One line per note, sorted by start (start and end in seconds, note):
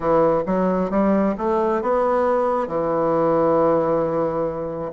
0.00 0.43 E3
0.46 0.90 F#3
0.90 1.35 G3
1.37 1.82 A3
1.82 2.67 B3
2.67 4.91 E3